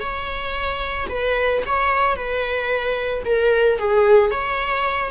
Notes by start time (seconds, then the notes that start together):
0.00 C#5
1.09 B4
1.66 C#5
2.16 B4
3.25 A#4
3.79 G#4
4.31 C#5